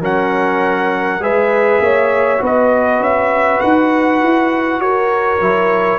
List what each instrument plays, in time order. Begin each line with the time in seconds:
0.00 tuba F#3, trombone C#4, horn A#4, trumpet F#5
1.19 tuba G#3, trombone G#4, horn B4, trumpet E5
1.79 tuba A#3, horn C#5
2.38 tuba B3, trombone F#4, horn B4
2.46 trumpet D#5
3.00 tuba C#4, trumpet E5
3.60 tuba D#4, trumpet F#5
4.22 tuba E4
4.79 tuba F#4, horn A#4, trumpet C#5
5.41 tuba F#3, trombone E4